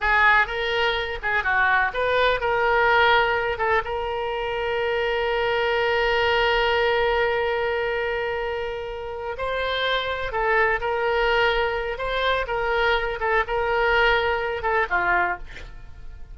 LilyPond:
\new Staff \with { instrumentName = "oboe" } { \time 4/4 \tempo 4 = 125 gis'4 ais'4. gis'8 fis'4 | b'4 ais'2~ ais'8 a'8 | ais'1~ | ais'1~ |
ais'2.~ ais'8 c''8~ | c''4. a'4 ais'4.~ | ais'4 c''4 ais'4. a'8 | ais'2~ ais'8 a'8 f'4 | }